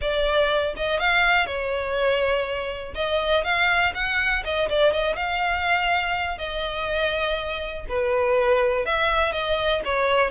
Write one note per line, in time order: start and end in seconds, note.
0.01 0.74 D5
0.76 0.99 D#5
0.99 1.46 F5
1.46 2.94 C#5
2.94 3.43 D#5
3.43 3.93 F5
3.94 4.43 F#5
4.44 4.69 D#5
4.69 4.92 D5
4.92 5.16 D#5
5.16 6.38 F5
6.38 7.85 D#5
7.88 8.85 B4
8.85 9.32 E5
9.32 9.81 D#5
9.85 10.30 C#5